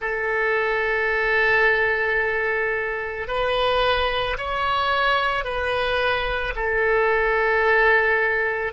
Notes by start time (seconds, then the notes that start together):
0.01 A4
3.27 B4
4.37 C#5
5.44 B4
6.55 A4